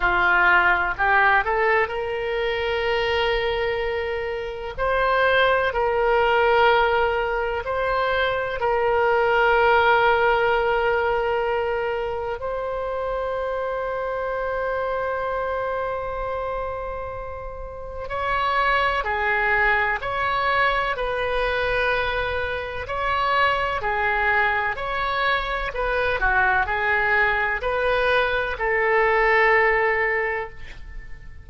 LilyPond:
\new Staff \with { instrumentName = "oboe" } { \time 4/4 \tempo 4 = 63 f'4 g'8 a'8 ais'2~ | ais'4 c''4 ais'2 | c''4 ais'2.~ | ais'4 c''2.~ |
c''2. cis''4 | gis'4 cis''4 b'2 | cis''4 gis'4 cis''4 b'8 fis'8 | gis'4 b'4 a'2 | }